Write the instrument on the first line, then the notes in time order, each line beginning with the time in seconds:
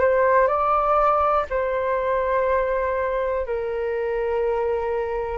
flute
0.00 C5
0.47 D5
1.50 C5
3.46 A#4